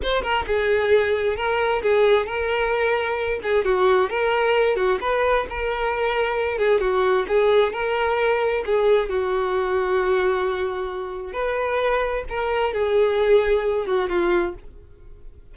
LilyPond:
\new Staff \with { instrumentName = "violin" } { \time 4/4 \tempo 4 = 132 c''8 ais'8 gis'2 ais'4 | gis'4 ais'2~ ais'8 gis'8 | fis'4 ais'4. fis'8 b'4 | ais'2~ ais'8 gis'8 fis'4 |
gis'4 ais'2 gis'4 | fis'1~ | fis'4 b'2 ais'4 | gis'2~ gis'8 fis'8 f'4 | }